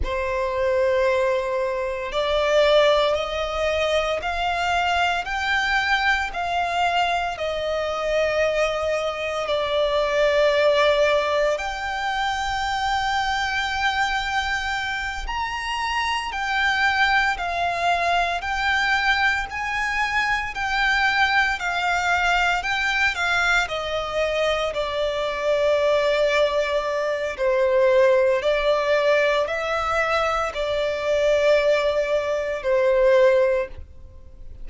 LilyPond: \new Staff \with { instrumentName = "violin" } { \time 4/4 \tempo 4 = 57 c''2 d''4 dis''4 | f''4 g''4 f''4 dis''4~ | dis''4 d''2 g''4~ | g''2~ g''8 ais''4 g''8~ |
g''8 f''4 g''4 gis''4 g''8~ | g''8 f''4 g''8 f''8 dis''4 d''8~ | d''2 c''4 d''4 | e''4 d''2 c''4 | }